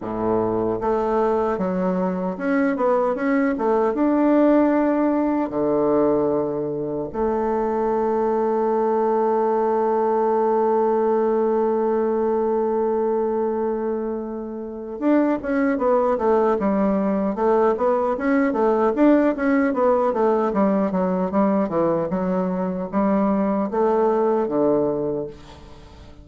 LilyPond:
\new Staff \with { instrumentName = "bassoon" } { \time 4/4 \tempo 4 = 76 a,4 a4 fis4 cis'8 b8 | cis'8 a8 d'2 d4~ | d4 a2.~ | a1~ |
a2. d'8 cis'8 | b8 a8 g4 a8 b8 cis'8 a8 | d'8 cis'8 b8 a8 g8 fis8 g8 e8 | fis4 g4 a4 d4 | }